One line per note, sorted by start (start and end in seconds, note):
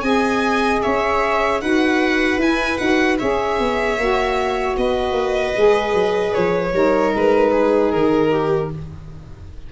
0.00 0.81 C4
0.00 1.61 G#4
0.00 0.82 D#5
0.00 0.79 G#5
0.82 1.61 C#4
0.82 1.61 C#5
0.82 1.61 E5
1.61 2.37 D#4
1.61 2.40 F#4
1.61 3.19 B4
1.61 2.39 F#5
2.37 2.76 E4
2.37 2.79 E4
2.37 2.77 G#5
2.77 3.19 D#4
2.77 3.19 F#4
2.77 3.17 F#5
3.18 3.59 C#4
3.18 3.98 G#4
3.18 4.77 C#5
3.18 4.76 E5
3.59 3.98 B3
3.98 4.76 A#3
3.98 5.54 F#4
4.77 5.12 B3
4.77 6.75 B4
4.77 6.34 D#5
5.12 5.51 A#3
5.54 5.93 G#3
5.54 6.72 G#4
5.93 6.33 F#3
6.34 6.73 F3
6.34 7.12 C#5
6.72 7.12 G3
6.72 8.69 D#4
6.72 7.51 A#4
7.15 7.93 G#3
7.15 7.91 B4
7.51 8.30 G#4
7.91 8.72 D#3
7.91 8.70 A#4
8.31 8.70 G4